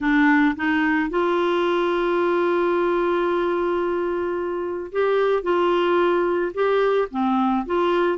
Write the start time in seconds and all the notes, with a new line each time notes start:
0.00 D4
0.56 D#4
1.09 F4
4.92 G4
5.42 F4
6.54 G4
7.11 C4
7.66 F4